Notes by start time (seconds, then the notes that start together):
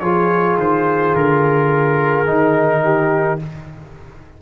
0.00 F3 F4 G#4 C#5
0.57 D#3 C5
1.15 D3 A#4
2.25 D#3 D#4
2.83 G4